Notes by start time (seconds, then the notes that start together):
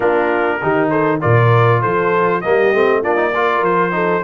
0.00 A#3 D4 F4 A#4
0.62 D#3 D#4 G4
0.90 A4 C5
1.20 A#2 F4 A#4 D5
1.81 F3 A4 C5
2.41 G3 A#3 G4 D#5
2.73 A3 C4
3.01 A#3 D4 F4 D5
3.15 D#4
3.34 F4 A#4
3.61 F3 C5
3.91 D#4 A4